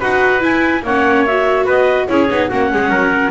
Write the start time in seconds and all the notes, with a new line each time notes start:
0.00 D#4 F#4 B4 F#5
0.40 E4 G#5
0.84 A#3 C#4 C#5 F#5
1.26 F#4 E5
1.66 B3 B4 D#5
2.08 C#4 E4 G#4 C#5
2.31 B3 D#4
2.49 A#3 C#4 F#4 F#5
2.73 G#3 G#4
2.90 F#3 A#4